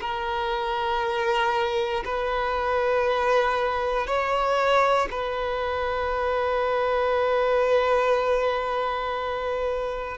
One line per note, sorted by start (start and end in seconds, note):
0.00 2.03 A#4
2.04 4.07 B4
4.07 5.08 C#5
5.11 10.17 B4